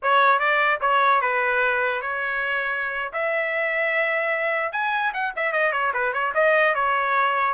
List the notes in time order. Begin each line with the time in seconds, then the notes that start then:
0.02 C#5
0.39 D5
0.81 C#5
1.21 B4
2.01 C#5
3.12 E5
4.72 G#5
5.13 F#5
5.36 E5
5.52 D#5
5.72 C#5
5.93 B4
6.13 C#5
6.34 D#5
6.74 C#5